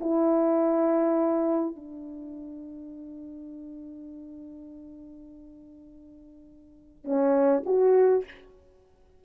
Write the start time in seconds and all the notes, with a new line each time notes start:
0.00 E4
1.75 D4
7.04 C#4
7.65 F#4